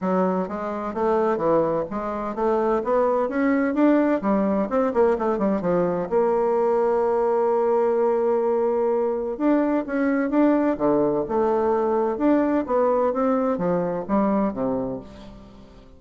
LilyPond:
\new Staff \with { instrumentName = "bassoon" } { \time 4/4 \tempo 4 = 128 fis4 gis4 a4 e4 | gis4 a4 b4 cis'4 | d'4 g4 c'8 ais8 a8 g8 | f4 ais2.~ |
ais1 | d'4 cis'4 d'4 d4 | a2 d'4 b4 | c'4 f4 g4 c4 | }